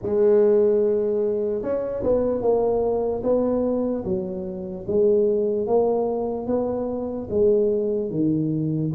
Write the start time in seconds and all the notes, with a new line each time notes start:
0.02 G#3
1.62 C#4
2.03 B3
2.41 A#3
3.22 B3
4.04 F#3
4.86 G#3
5.66 A#3
6.46 B3
7.30 G#3
8.10 D#3